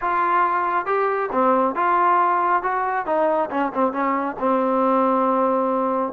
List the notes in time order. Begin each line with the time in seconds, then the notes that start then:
0.01 F4
0.85 G4
1.32 C4
1.75 F4
2.62 F#4
3.06 D#4
3.50 C#4
3.74 C4
3.92 C#4
4.39 C4